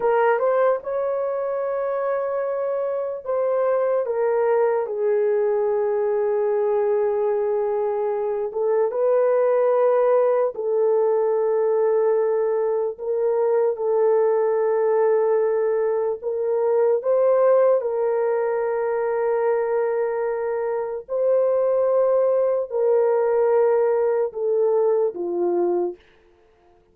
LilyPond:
\new Staff \with { instrumentName = "horn" } { \time 4/4 \tempo 4 = 74 ais'8 c''8 cis''2. | c''4 ais'4 gis'2~ | gis'2~ gis'8 a'8 b'4~ | b'4 a'2. |
ais'4 a'2. | ais'4 c''4 ais'2~ | ais'2 c''2 | ais'2 a'4 f'4 | }